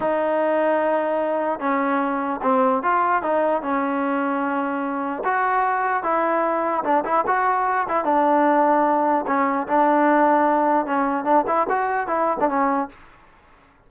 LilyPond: \new Staff \with { instrumentName = "trombone" } { \time 4/4 \tempo 4 = 149 dis'1 | cis'2 c'4 f'4 | dis'4 cis'2.~ | cis'4 fis'2 e'4~ |
e'4 d'8 e'8 fis'4. e'8 | d'2. cis'4 | d'2. cis'4 | d'8 e'8 fis'4 e'8. d'16 cis'4 | }